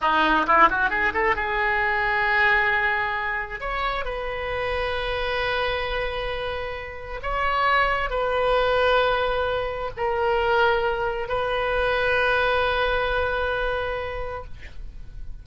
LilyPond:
\new Staff \with { instrumentName = "oboe" } { \time 4/4 \tempo 4 = 133 dis'4 e'8 fis'8 gis'8 a'8 gis'4~ | gis'1 | cis''4 b'2.~ | b'1 |
cis''2 b'2~ | b'2 ais'2~ | ais'4 b'2.~ | b'1 | }